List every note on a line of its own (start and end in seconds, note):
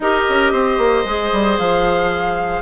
0.00 0.25 D#4
0.00 1.06 G4
0.00 0.52 A#4
0.00 1.58 D#5
0.29 0.52 C#4
0.52 0.77 C4
0.52 2.62 C5
0.77 1.04 A#3
1.04 1.31 G#3
1.04 2.62 G#4
1.32 1.58 G3
1.58 2.62 F3
1.58 2.62 F5